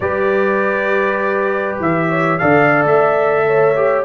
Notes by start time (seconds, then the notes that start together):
0.00 G3 G4 B4 D5
1.79 E3 E5
2.09 C#5
2.38 D3 A4 D5 F5
2.85 A3 E5
3.46 C#5
3.76 G4